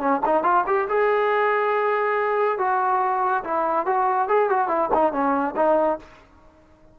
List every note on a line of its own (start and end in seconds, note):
0.00 0.21 C#4
0.26 0.44 D#4
0.44 0.65 F4
0.67 0.89 G4
0.89 2.59 G#4
2.59 3.44 F#4
3.45 3.87 E4
3.87 4.29 F#4
4.29 4.50 G#4
4.50 4.69 F#4
4.69 4.90 E4
4.94 5.13 D#4
5.13 5.55 C#4
5.57 5.99 D#4